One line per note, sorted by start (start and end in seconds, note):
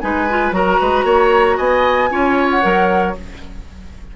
0.00 0.51 G#3
0.00 0.27 D#4
0.00 0.55 B4
0.00 0.52 G#5
0.29 0.52 F4
0.51 0.77 F#3
0.51 2.09 F#4
0.51 0.80 A#4
0.51 1.57 A#5
0.80 1.03 G#3
0.80 1.05 B4
1.03 1.56 A#3
1.03 1.57 C#5
1.57 2.10 B3
1.57 2.09 D#5
1.57 2.49 G#5
2.10 2.62 C#4
2.10 2.62 F4
2.10 3.15 C#5
2.49 3.14 F#5
2.62 3.16 F#3
2.62 3.14 A#4